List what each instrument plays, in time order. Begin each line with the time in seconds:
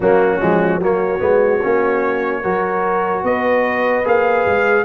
0.00 tuba F#3, trombone A#3, horn C#4, trumpet F#4
0.40 tuba F3, trombone G#3
0.78 tuba F#3, trombone A#3, horn F#4, trumpet C#5
1.19 tuba G#3, trombone B3
1.62 tuba A#3, trombone C#4
2.42 tuba F#3, trombone F#4, horn A#4
3.23 tuba B3, horn B4, trumpet D#5
4.04 tuba A#3, trombone G#4, trumpet F5
4.46 tuba G#3